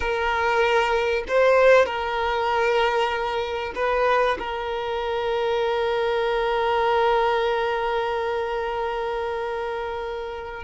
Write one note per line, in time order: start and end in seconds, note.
0.00 1.23 A#4
1.28 1.85 C5
1.85 3.72 A#4
3.75 4.37 B4
4.38 10.63 A#4